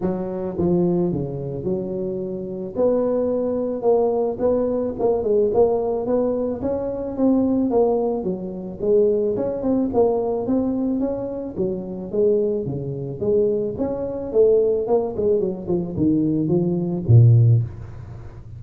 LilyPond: \new Staff \with { instrumentName = "tuba" } { \time 4/4 \tempo 4 = 109 fis4 f4 cis4 fis4~ | fis4 b2 ais4 | b4 ais8 gis8 ais4 b4 | cis'4 c'4 ais4 fis4 |
gis4 cis'8 c'8 ais4 c'4 | cis'4 fis4 gis4 cis4 | gis4 cis'4 a4 ais8 gis8 | fis8 f8 dis4 f4 ais,4 | }